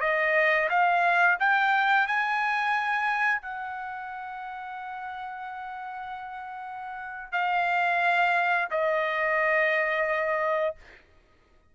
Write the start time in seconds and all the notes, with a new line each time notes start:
0.00 D#5
0.69 F5
1.39 G5
2.07 G#5
3.41 F#5
7.32 F5
8.71 D#5